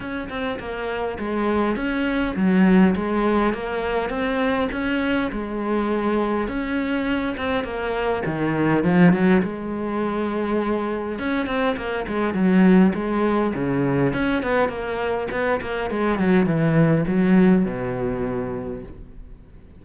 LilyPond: \new Staff \with { instrumentName = "cello" } { \time 4/4 \tempo 4 = 102 cis'8 c'8 ais4 gis4 cis'4 | fis4 gis4 ais4 c'4 | cis'4 gis2 cis'4~ | cis'8 c'8 ais4 dis4 f8 fis8 |
gis2. cis'8 c'8 | ais8 gis8 fis4 gis4 cis4 | cis'8 b8 ais4 b8 ais8 gis8 fis8 | e4 fis4 b,2 | }